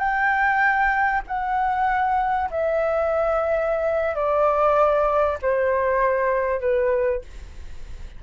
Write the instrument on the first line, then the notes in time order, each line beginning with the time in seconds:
flute
0.00 G5
1.28 F#5
2.51 E5
4.15 D5
5.43 C5
6.61 B4